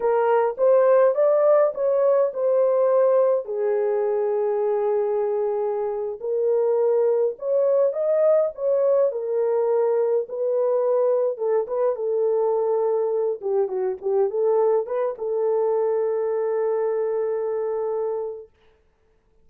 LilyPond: \new Staff \with { instrumentName = "horn" } { \time 4/4 \tempo 4 = 104 ais'4 c''4 d''4 cis''4 | c''2 gis'2~ | gis'2~ gis'8. ais'4~ ais'16~ | ais'8. cis''4 dis''4 cis''4 ais'16~ |
ais'4.~ ais'16 b'2 a'16~ | a'16 b'8 a'2~ a'8 g'8 fis'16~ | fis'16 g'8 a'4 b'8 a'4.~ a'16~ | a'1 | }